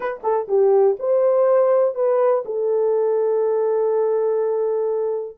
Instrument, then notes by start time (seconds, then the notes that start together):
horn
0.00 B4
0.23 A4
0.48 G4
0.99 C5
1.94 B4
2.45 A4